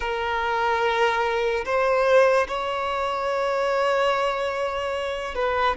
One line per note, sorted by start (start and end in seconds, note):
0.00 1.64 A#4
1.65 2.47 C5
2.47 5.34 C#5
5.34 5.75 B4